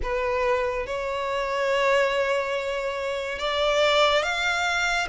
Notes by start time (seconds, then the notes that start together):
0.02 B4
0.86 C#5
3.38 D5
4.23 F5